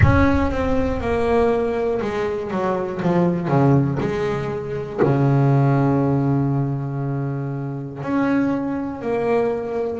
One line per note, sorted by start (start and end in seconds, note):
0.02 0.50 C#4
0.50 1.00 C4
1.00 2.00 A#3
2.01 2.50 G#3
2.50 3.00 F#3
3.02 3.48 F3
3.48 3.98 C#3
4.00 5.00 G#3
5.02 8.01 C#3
8.01 9.00 C#4
9.00 10.00 A#3